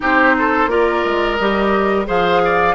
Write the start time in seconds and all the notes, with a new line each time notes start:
0.00 C4 D#4 G4 C5
0.38 A4
0.67 A#3 F4 A#4 D5
1.05 G#3
1.36 G3 G4 D#5
2.05 F3 G#4 C5 F5
2.44 D5